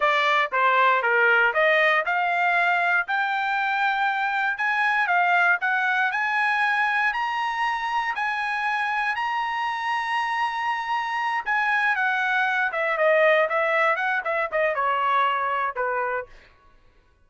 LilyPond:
\new Staff \with { instrumentName = "trumpet" } { \time 4/4 \tempo 4 = 118 d''4 c''4 ais'4 dis''4 | f''2 g''2~ | g''4 gis''4 f''4 fis''4 | gis''2 ais''2 |
gis''2 ais''2~ | ais''2~ ais''8 gis''4 fis''8~ | fis''4 e''8 dis''4 e''4 fis''8 | e''8 dis''8 cis''2 b'4 | }